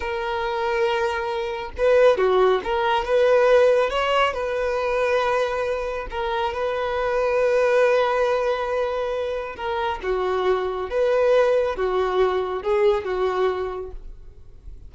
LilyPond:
\new Staff \with { instrumentName = "violin" } { \time 4/4 \tempo 4 = 138 ais'1 | b'4 fis'4 ais'4 b'4~ | b'4 cis''4 b'2~ | b'2 ais'4 b'4~ |
b'1~ | b'2 ais'4 fis'4~ | fis'4 b'2 fis'4~ | fis'4 gis'4 fis'2 | }